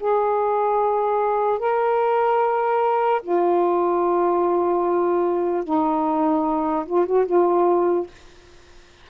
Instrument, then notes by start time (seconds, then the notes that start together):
saxophone
0.00 G#4
1.60 A#4
3.22 F4
5.64 D#4
6.86 F4
7.07 F#4
7.26 F4